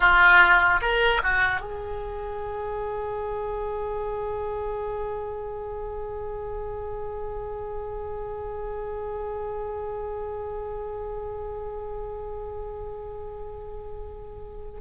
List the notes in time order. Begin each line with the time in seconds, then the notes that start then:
0.00 F4
0.81 A#4
1.23 F#4
1.60 G#4